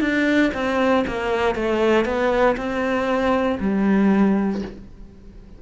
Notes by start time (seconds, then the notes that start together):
0.00 D4
0.54 C4
1.07 A#3
1.55 A3
2.05 B3
2.57 C4
3.60 G3